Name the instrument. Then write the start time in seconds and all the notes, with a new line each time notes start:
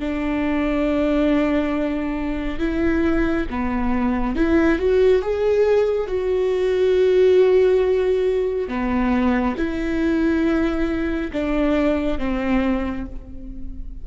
viola
0.00 D4
2.60 E4
3.51 B3
4.36 E4
4.79 F#4
5.23 G#4
6.08 F#4
8.69 B3
9.58 E4
11.33 D4
12.19 C4